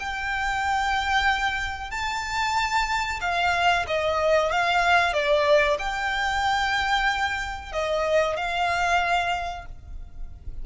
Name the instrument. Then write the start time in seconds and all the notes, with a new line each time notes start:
violin
0.00 G5
1.91 A5
3.21 F5
3.88 D#5
4.52 F5
5.14 D5
5.79 G5
7.73 D#5
8.37 F5